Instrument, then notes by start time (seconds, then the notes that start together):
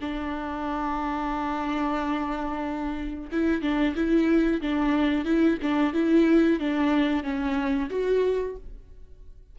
viola
0.00 D4
3.31 E4
3.61 D4
3.95 E4
4.61 D4
5.24 E4
5.62 D4
5.93 E4
6.59 D4
7.23 C#4
7.89 F#4